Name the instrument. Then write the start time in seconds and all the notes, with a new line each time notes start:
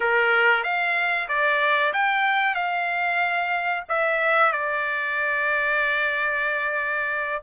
trumpet
0.00 A#4
0.63 F5
1.28 D5
1.93 G5
2.55 F5
3.89 E5
4.52 D5